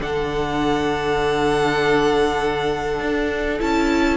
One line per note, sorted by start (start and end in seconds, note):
0.00 3.00 D3
0.00 3.60 D4
0.00 4.17 A4
0.00 3.60 F#5
3.00 3.60 D4
3.60 4.17 C#4
3.60 4.17 E4
3.60 4.17 A5